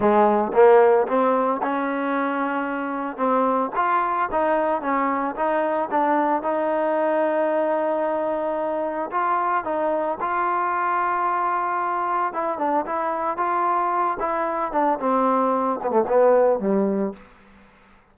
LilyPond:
\new Staff \with { instrumentName = "trombone" } { \time 4/4 \tempo 4 = 112 gis4 ais4 c'4 cis'4~ | cis'2 c'4 f'4 | dis'4 cis'4 dis'4 d'4 | dis'1~ |
dis'4 f'4 dis'4 f'4~ | f'2. e'8 d'8 | e'4 f'4. e'4 d'8 | c'4. b16 a16 b4 g4 | }